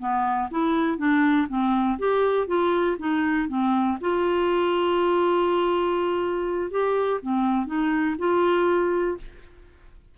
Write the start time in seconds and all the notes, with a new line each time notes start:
0.00 B3
0.51 E4
0.98 D4
1.49 C4
1.99 G4
2.47 F4
2.99 D#4
3.49 C4
4.01 F4
6.71 G4
7.22 C4
7.67 D#4
8.19 F4